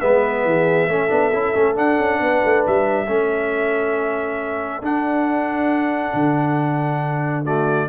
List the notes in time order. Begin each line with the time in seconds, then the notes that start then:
0.00 G#3 B3 B4 E5
0.45 E3 G#4
0.88 A3 C#4 A4
1.09 B3 D4
1.33 C#4 E4
1.54 A3 C#4
1.75 D4 F#5
1.98 C#4
2.20 B3 B4
2.44 A3
2.66 G3 E5
3.07 A3 C#4 A4
4.82 D4 F#5
6.14 D3
7.44 A3 F#4 D5